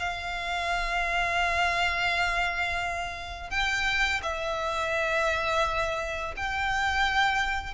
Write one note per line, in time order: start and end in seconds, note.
0.00 3.51 F5
3.51 4.21 G5
4.23 6.35 E5
6.37 7.75 G5